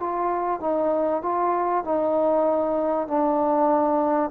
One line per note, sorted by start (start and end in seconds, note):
0.00 0.61 F4
0.61 1.23 D#4
1.23 1.85 F4
1.85 3.08 D#4
3.08 4.31 D4